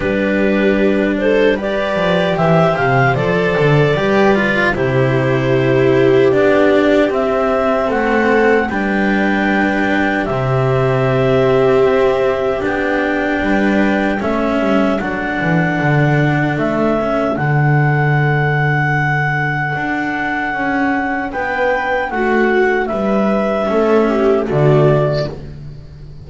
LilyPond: <<
  \new Staff \with { instrumentName = "clarinet" } { \time 4/4 \tempo 4 = 76 b'4. c''8 d''4 e''8 f''8 | d''2 c''2 | d''4 e''4 fis''4 g''4~ | g''4 e''2. |
g''2 e''4 fis''4~ | fis''4 e''4 fis''2~ | fis''2. g''4 | fis''4 e''2 d''4 | }
  \new Staff \with { instrumentName = "viola" } { \time 4/4 g'4. a'8 b'4 c''4~ | c''4 b'4 g'2~ | g'2 a'4 b'4~ | b'4 g'2.~ |
g'4 b'4 a'2~ | a'1~ | a'2. b'4 | fis'4 b'4 a'8 g'8 fis'4 | }
  \new Staff \with { instrumentName = "cello" } { \time 4/4 d'2 g'2 | a'4 g'8 f'8 e'2 | d'4 c'2 d'4~ | d'4 c'2. |
d'2 cis'4 d'4~ | d'4. cis'8 d'2~ | d'1~ | d'2 cis'4 a4 | }
  \new Staff \with { instrumentName = "double bass" } { \time 4/4 g2~ g8 f8 e8 c8 | f8 d8 g4 c2 | b4 c'4 a4 g4~ | g4 c2 c'4 |
b4 g4 a8 g8 fis8 e8 | d4 a4 d2~ | d4 d'4 cis'4 b4 | a4 g4 a4 d4 | }
>>